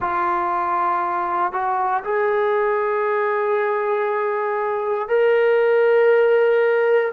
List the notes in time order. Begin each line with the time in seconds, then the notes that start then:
0.00 F4
1.52 F#4
2.03 G#4
5.08 A#4